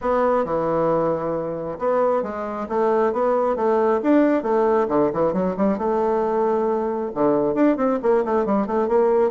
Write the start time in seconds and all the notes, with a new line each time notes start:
0.01 B3
0.44 E3
1.79 B3
2.22 G#3
2.68 A3
3.12 B3
3.56 A3
4.03 D4
4.42 A3
4.88 D3
5.13 E3
5.33 F#3
5.56 G3
5.78 A3
7.14 D3
7.54 D4
7.76 C4
8.02 A#3
8.24 A3
8.45 G3
8.66 A3
8.87 A#3